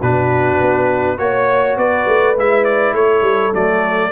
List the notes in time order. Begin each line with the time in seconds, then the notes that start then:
0.00 B2 D4 F#4 B4
0.61 B3
1.18 A#3 F#4 C#5
1.77 B3 B4 D5
2.07 A3
2.37 G#3 E4 E5
2.65 D5
2.94 A3 A4 C#5
3.22 G3
3.54 F#3 A3 D5